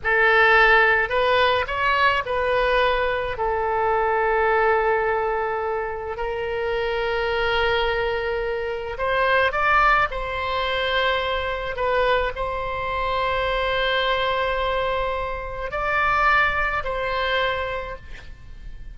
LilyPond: \new Staff \with { instrumentName = "oboe" } { \time 4/4 \tempo 4 = 107 a'2 b'4 cis''4 | b'2 a'2~ | a'2. ais'4~ | ais'1 |
c''4 d''4 c''2~ | c''4 b'4 c''2~ | c''1 | d''2 c''2 | }